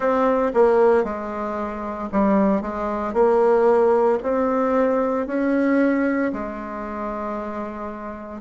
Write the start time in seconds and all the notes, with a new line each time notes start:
0.00 C4
0.54 A#3
1.03 G#3
2.11 G3
2.61 G#3
3.13 A#3
4.22 C4
5.26 C#4
6.32 G#3